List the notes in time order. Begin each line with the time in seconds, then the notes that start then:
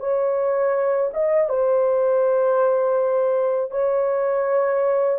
0.00 C#5
1.13 D#5
1.49 C5
3.71 C#5